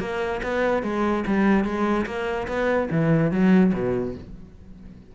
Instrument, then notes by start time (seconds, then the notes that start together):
cello
0.00 A#3
0.43 B3
0.83 G#3
1.27 G3
1.64 G#3
2.06 A#3
2.48 B3
2.91 E3
3.31 F#3
3.74 B2